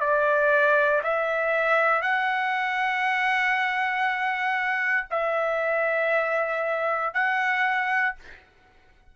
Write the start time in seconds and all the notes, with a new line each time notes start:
0.00 D5
1.04 E5
2.02 F#5
5.10 E5
7.14 F#5